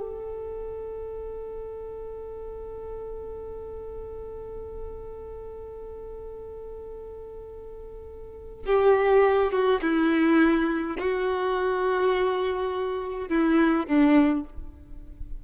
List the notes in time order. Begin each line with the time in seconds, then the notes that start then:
0.00 A4
8.66 G4
9.52 F#4
9.82 E4
10.99 F#4
13.29 E4
13.87 D4